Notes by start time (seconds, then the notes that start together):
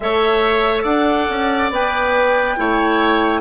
0.00 A3 A4 C#5 E5
0.83 D4 D5 F#5
1.29 C#4
1.70 B3 B4 G5
2.57 A3 E4 C#5